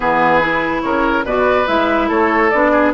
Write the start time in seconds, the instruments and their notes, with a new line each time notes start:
0.00 bassoon E3, clarinet B3, oboe G#4, flute B4
0.41 clarinet E4
0.81 bassoon C#3, oboe A#4, flute C#5
1.24 bassoon B2, clarinet F#4, oboe B4, flute D5
1.67 bassoon G#3, clarinet E4, flute E5
2.08 bassoon A3, oboe A4, flute C#5
2.50 bassoon B3, clarinet D4, flute D5
2.71 oboe G#4